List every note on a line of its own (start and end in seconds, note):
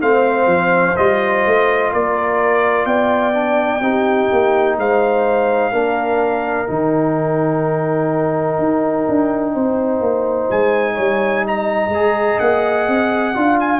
0.00 0.46 A3
0.00 0.95 C4
0.00 1.92 C5
0.00 0.96 F5
0.46 0.94 F3
0.96 1.46 G3
0.96 3.33 F4
0.96 1.91 D#5
1.46 1.93 A3
1.93 2.86 A#3
1.93 2.87 A#4
1.93 2.86 D5
2.86 3.81 B3
2.86 3.82 D5
2.86 4.76 G5
3.33 3.81 D4
3.81 4.28 C4
3.81 5.72 D#4
3.81 4.78 G4
4.32 4.78 A#3
4.78 5.72 G#3
4.78 5.72 C5
4.78 6.70 F5
5.72 6.68 A#3
5.72 6.67 D4
5.72 9.53 A#4
6.67 8.59 D#3
6.67 11.91 D#4
6.67 10.50 G5
8.59 9.06 D#4
9.09 9.55 D4
9.54 10.00 C4
9.54 10.94 C5
10.00 10.48 A#3
10.50 10.98 G#3
10.50 11.46 G#5
10.94 11.89 G3
10.94 11.42 C#5
11.47 13.37 D#5
11.47 12.39 A#5
11.89 12.36 G#3
11.89 13.34 G#4
12.39 12.88 A#3
12.39 13.58 F#5
12.88 13.36 C4
13.34 13.80 D4
13.34 13.80 F4
13.34 13.80 F5
13.60 13.80 G#5